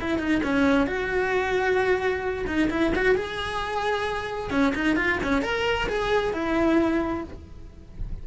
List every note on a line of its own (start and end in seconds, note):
0.00 0.18 E4
0.18 0.41 D#4
0.43 0.87 C#4
0.87 2.46 F#4
2.46 2.69 D#4
2.70 2.93 E4
2.95 3.15 F#4
3.15 4.50 G#4
4.50 4.73 C#4
4.75 4.96 D#4
4.96 5.19 F4
5.23 5.42 C#4
5.42 5.87 A#4
5.88 6.33 G#4
6.33 7.24 E4